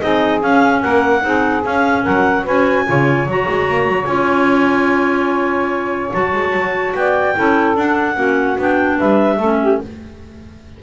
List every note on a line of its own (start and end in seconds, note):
0.00 0.43 C4
0.00 0.41 D#4
0.00 0.82 G#4
0.00 0.41 D#5
0.41 1.22 C#4
0.41 0.84 C#4
0.41 0.82 F5
0.82 1.24 A#3
0.82 1.23 A#4
0.82 1.64 F#5
1.22 1.65 C4
1.22 1.63 D#4
1.22 2.03 G#4
1.66 2.06 C#4
1.66 2.47 C#4
1.66 2.05 F5
2.03 2.47 F#3
2.03 2.44 A#4
2.03 2.46 F#5
2.44 2.88 C#4
2.44 2.87 F#4
2.44 2.84 B4
2.44 3.30 G#5
2.87 3.26 C#3
2.87 3.28 F4
2.87 6.97 C#5
3.26 3.47 F#3
3.26 4.07 F#4
3.26 4.05 A#5
3.50 3.69 G#3
3.69 3.89 A#3
3.89 4.07 F#3
4.05 6.11 C#4
4.05 6.11 F4
4.05 6.09 G#5
6.14 6.33 F#3
6.14 7.36 F#4
6.14 6.95 A5
6.33 6.53 G#3
6.53 6.94 F#3
6.95 7.36 B3
6.95 7.36 D5
6.95 7.77 G5
7.36 7.77 C#4
7.36 7.77 E4
7.36 8.16 A4
7.77 8.16 D4
7.77 8.60 F#5
8.16 8.57 A#3
8.16 8.57 C#4
8.16 8.98 F#4
8.58 8.99 B3
8.58 9.40 D4
8.58 9.00 G5
8.98 9.38 G3
8.98 9.37 B4
8.98 9.81 E5
9.37 9.79 A3
9.37 9.83 C#4
9.37 9.58 A4
9.62 9.83 G4